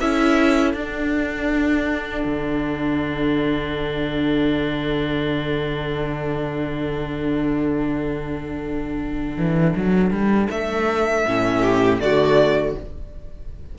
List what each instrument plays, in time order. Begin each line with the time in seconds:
0.00 cello C#4, viola E4, violin A4 E5
0.74 cello D4, viola D4, violin F#5
2.25 cello D3
9.38 cello E3
9.76 cello F#3
10.11 cello G3
10.51 cello A3, violin E5
11.26 cello A2, viola C#4
11.61 violin G4
12.00 cello D3, viola A3, violin F#4 D5